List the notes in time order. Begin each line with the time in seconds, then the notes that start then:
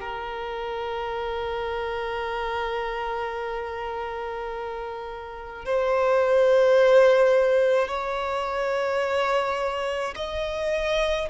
0.00 A#4
5.65 C5
7.88 C#5
10.16 D#5